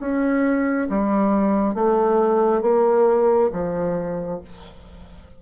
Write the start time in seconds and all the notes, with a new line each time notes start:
0.00 C#4
0.90 G3
1.75 A3
2.62 A#3
3.53 F3